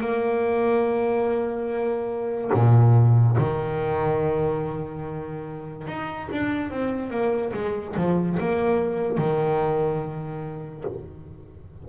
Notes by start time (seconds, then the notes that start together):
0.00 A#3
2.53 A#2
3.37 D#3
5.87 D#4
6.31 D4
6.70 C4
7.10 A#3
7.53 G#3
7.96 F3
8.39 A#3
9.17 D#3